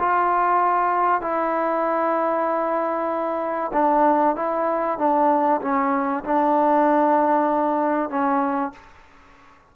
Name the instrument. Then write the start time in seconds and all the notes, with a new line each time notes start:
trombone
0.00 F4
1.22 E4
3.74 D4
4.36 E4
4.99 D4
5.62 C#4
6.24 D4
8.10 C#4